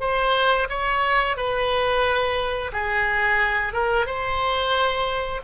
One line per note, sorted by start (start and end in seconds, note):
0.00 0.67 C5
0.69 1.36 C#5
1.36 2.71 B4
2.72 3.73 G#4
3.73 4.06 A#4
4.06 5.41 C5